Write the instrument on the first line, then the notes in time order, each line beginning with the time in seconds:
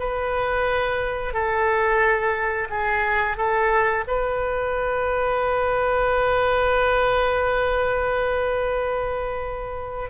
oboe
0.00 B4
1.34 A4
2.70 G#4
3.37 A4
4.08 B4